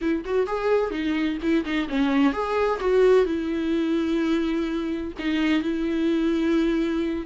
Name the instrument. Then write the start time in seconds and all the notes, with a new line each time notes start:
viola
0.01 E4
0.24 F#4
0.47 G#4
0.91 D#4
1.42 E4
1.64 D#4
1.88 C#4
2.32 G#4
2.80 F#4
3.25 E4
5.18 D#4
5.61 E4